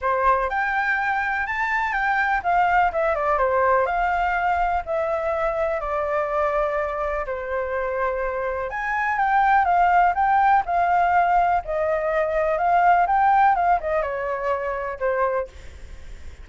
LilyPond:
\new Staff \with { instrumentName = "flute" } { \time 4/4 \tempo 4 = 124 c''4 g''2 a''4 | g''4 f''4 e''8 d''8 c''4 | f''2 e''2 | d''2. c''4~ |
c''2 gis''4 g''4 | f''4 g''4 f''2 | dis''2 f''4 g''4 | f''8 dis''8 cis''2 c''4 | }